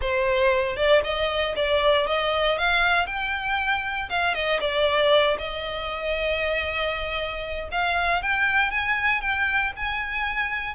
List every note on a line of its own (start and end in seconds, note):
0.01 0.76 C5
0.76 1.02 D5
1.03 1.55 D#5
1.56 2.07 D5
2.07 2.58 D#5
2.58 3.06 F5
3.06 4.09 G5
4.09 4.34 F5
4.34 4.60 D#5
4.60 5.37 D5
5.38 7.69 D#5
7.71 8.22 F5
8.22 8.70 G5
8.70 9.21 G#5
9.21 9.72 G5
9.76 10.74 G#5